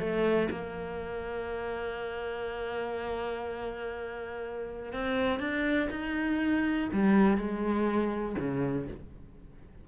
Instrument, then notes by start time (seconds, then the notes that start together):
cello
0.00 A3
0.51 A#3
4.93 C4
5.40 D4
5.91 D#4
6.93 G3
7.37 G#3
8.39 C#3